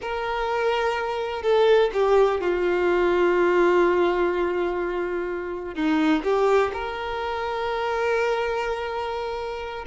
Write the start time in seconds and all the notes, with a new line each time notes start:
0.01 A#4
1.42 A4
1.93 G4
2.40 F4
5.75 D#4
6.23 G4
6.73 A#4